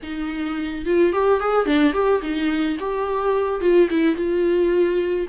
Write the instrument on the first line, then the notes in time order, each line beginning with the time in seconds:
viola
0.03 D#4
0.85 F4
1.12 G4
1.40 G#4
1.66 D4
1.93 G4
2.21 D#4
2.79 G4
3.61 F4
3.90 E4
4.15 F4